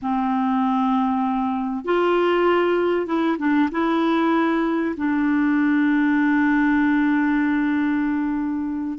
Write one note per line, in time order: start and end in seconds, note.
0.02 1.84 C4
1.84 3.06 F4
3.06 3.37 E4
3.38 3.69 D4
3.71 4.95 E4
4.97 8.98 D4